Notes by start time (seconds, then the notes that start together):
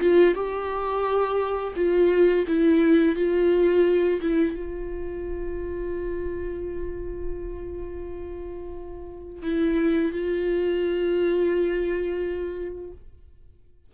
0.00 F4
0.34 G4
1.76 F4
2.47 E4
3.16 F4
4.21 E4
4.55 F4
9.42 E4
10.12 F4